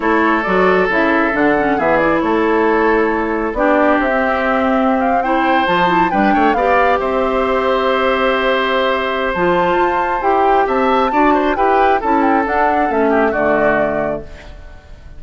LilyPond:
<<
  \new Staff \with { instrumentName = "flute" } { \time 4/4 \tempo 4 = 135 cis''4 d''4 e''4 fis''4 | e''8 d''8 cis''2. | d''4 e''2~ e''16 f''8 g''16~ | g''8. a''4 g''4 f''4 e''16~ |
e''1~ | e''4 a''2 g''4 | a''2 g''4 a''8 g''8 | fis''4 e''4 d''2 | }
  \new Staff \with { instrumentName = "oboe" } { \time 4/4 a'1 | gis'4 a'2. | g'2.~ g'8. c''16~ | c''4.~ c''16 b'8 cis''8 d''4 c''16~ |
c''1~ | c''1 | e''4 d''8 c''8 b'4 a'4~ | a'4. g'8 fis'2 | }
  \new Staff \with { instrumentName = "clarinet" } { \time 4/4 e'4 fis'4 e'4 d'8 cis'8 | b8 e'2.~ e'8 | d'4~ d'16 c'2~ c'8 e'16~ | e'8. f'8 e'8 d'4 g'4~ g'16~ |
g'1~ | g'4 f'2 g'4~ | g'4 fis'4 g'4 e'4 | d'4 cis'4 a2 | }
  \new Staff \with { instrumentName = "bassoon" } { \time 4/4 a4 fis4 cis4 d4 | e4 a2. | b4 c'2.~ | c'8. f4 g8 a8 b4 c'16~ |
c'1~ | c'4 f4 f'4 e'4 | c'4 d'4 e'4 cis'4 | d'4 a4 d2 | }
>>